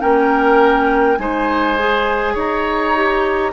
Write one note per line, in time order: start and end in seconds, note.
0.00 1.18 A#3
0.00 1.18 C#4
0.00 1.19 A#4
0.00 1.18 G5
1.18 2.36 G#3
1.18 1.77 D#4
1.18 2.34 C5
1.18 2.35 G#5
1.79 2.96 G#4
2.34 3.53 D#4
2.34 3.52 C#5
2.34 3.53 A#5
2.96 3.53 G4